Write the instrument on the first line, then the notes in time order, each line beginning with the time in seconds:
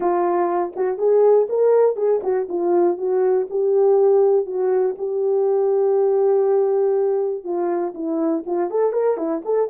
horn
0.00 F4
0.76 F#4
0.98 G#4
1.49 A#4
1.96 G#4
2.23 F#4
2.49 F4
2.97 F#4
3.50 G4
4.46 F#4
4.98 G4
7.44 F4
7.94 E4
8.45 F4
8.70 A4
8.92 A#4
9.17 E4
9.44 A4